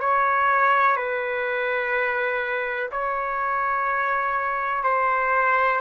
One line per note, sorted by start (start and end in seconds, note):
0.00 0.97 C#5
0.97 2.90 B4
2.92 4.84 C#5
4.84 5.81 C5